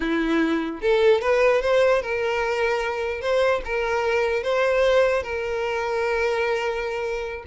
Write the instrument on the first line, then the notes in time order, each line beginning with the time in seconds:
violin
0.00 E4
0.81 A4
1.21 B4
1.61 C5
2.01 A#4
3.21 C5
3.64 A#4
4.43 C5
5.22 A#4